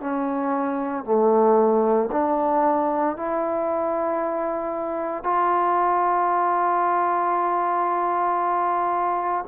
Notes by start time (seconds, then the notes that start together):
0.00 C#4
1.04 A3
2.11 D4
3.16 E4
5.23 F4